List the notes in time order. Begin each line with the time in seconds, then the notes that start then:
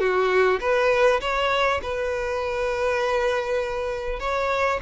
0.00 F#4
0.61 B4
1.21 C#5
1.83 B4
4.20 C#5